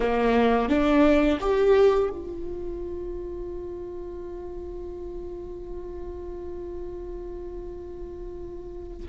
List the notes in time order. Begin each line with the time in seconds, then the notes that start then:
0.00 A#3
0.69 D4
1.40 G4
2.10 F4